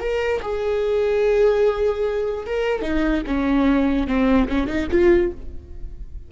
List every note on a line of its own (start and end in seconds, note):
0.00 0.41 A#4
0.42 2.46 G#4
2.46 2.82 A#4
2.82 3.23 D#4
3.27 4.07 C#4
4.07 4.48 C4
4.48 4.67 C#4
4.67 4.88 D#4
4.91 5.32 F4